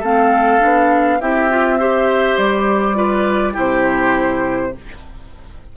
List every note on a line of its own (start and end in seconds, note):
0.00 0.61 A3
0.00 0.60 C4
0.00 1.18 A4
0.00 1.21 F5
0.60 1.21 B3
0.60 1.19 D4
1.21 2.37 C4
1.21 1.50 E4
1.21 1.79 G4
1.21 2.38 E5
1.50 1.79 F4
1.79 2.95 G4
1.79 2.97 C5
2.37 3.55 G3
2.37 3.55 D5
2.95 3.53 F4
2.95 3.53 B4
3.53 4.76 C3
3.53 4.71 E4
3.53 4.71 G4
3.53 4.77 C5